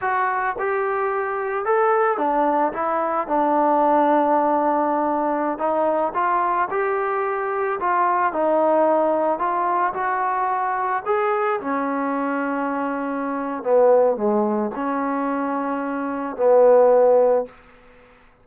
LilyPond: \new Staff \with { instrumentName = "trombone" } { \time 4/4 \tempo 4 = 110 fis'4 g'2 a'4 | d'4 e'4 d'2~ | d'2~ d'16 dis'4 f'8.~ | f'16 g'2 f'4 dis'8.~ |
dis'4~ dis'16 f'4 fis'4.~ fis'16~ | fis'16 gis'4 cis'2~ cis'8.~ | cis'4 b4 gis4 cis'4~ | cis'2 b2 | }